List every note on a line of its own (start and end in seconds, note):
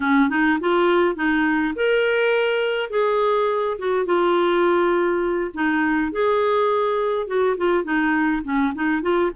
0.00 0.29 C#4
0.29 0.58 D#4
0.60 1.15 F4
1.15 1.73 D#4
1.75 2.90 A#4
2.90 3.77 G#4
3.78 4.05 F#4
4.05 5.51 F4
5.54 6.12 D#4
6.12 7.27 G#4
7.27 7.56 F#4
7.57 7.84 F4
7.84 8.42 D#4
8.44 8.73 C#4
8.74 9.02 D#4
9.02 9.31 F4